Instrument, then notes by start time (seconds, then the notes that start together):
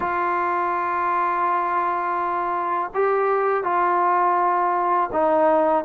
trombone
0.00 F4
2.94 G4
3.63 F4
5.12 D#4